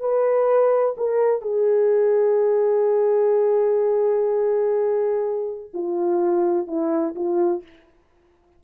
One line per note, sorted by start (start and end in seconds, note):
0.00 0.95 B4
0.97 1.42 A#4
1.42 5.71 G#4
5.74 6.68 F4
6.68 7.15 E4
7.15 7.63 F4